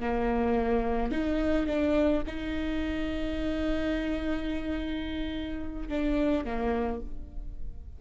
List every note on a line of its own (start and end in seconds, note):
0.00 1.12 A#3
1.12 1.67 D#4
1.67 2.23 D4
2.27 5.89 D#4
5.89 6.45 D4
6.45 7.01 A#3